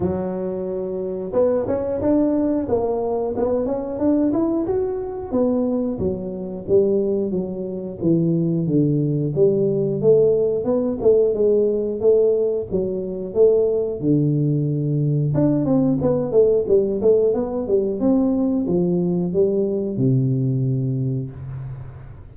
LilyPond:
\new Staff \with { instrumentName = "tuba" } { \time 4/4 \tempo 4 = 90 fis2 b8 cis'8 d'4 | ais4 b8 cis'8 d'8 e'8 fis'4 | b4 fis4 g4 fis4 | e4 d4 g4 a4 |
b8 a8 gis4 a4 fis4 | a4 d2 d'8 c'8 | b8 a8 g8 a8 b8 g8 c'4 | f4 g4 c2 | }